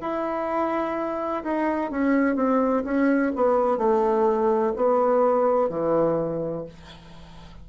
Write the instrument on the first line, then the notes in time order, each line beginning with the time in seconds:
bassoon
0.00 E4
1.43 D#4
1.90 C#4
2.35 C4
2.84 C#4
3.35 B3
3.77 A3
4.76 B3
5.69 E3